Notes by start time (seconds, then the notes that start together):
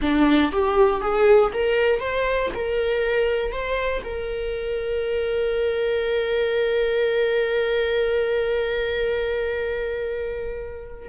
0.01 D4
0.52 G4
1.01 G#4
1.53 A#4
2.00 C5
2.54 A#4
3.52 C5
4.04 A#4